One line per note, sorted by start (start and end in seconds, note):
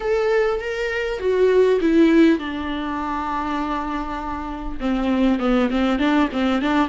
0.00 0.60 A4
0.60 1.19 A#4
1.19 1.79 F#4
1.80 2.38 E4
2.38 4.78 D4
4.80 5.39 C4
5.39 5.69 B3
5.70 5.98 C4
5.98 6.28 D4
6.32 6.61 C4
6.61 6.88 D4